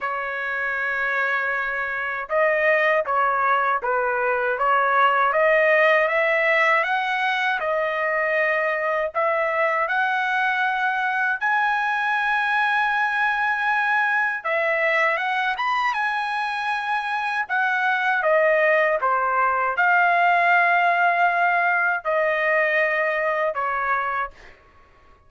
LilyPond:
\new Staff \with { instrumentName = "trumpet" } { \time 4/4 \tempo 4 = 79 cis''2. dis''4 | cis''4 b'4 cis''4 dis''4 | e''4 fis''4 dis''2 | e''4 fis''2 gis''4~ |
gis''2. e''4 | fis''8 b''8 gis''2 fis''4 | dis''4 c''4 f''2~ | f''4 dis''2 cis''4 | }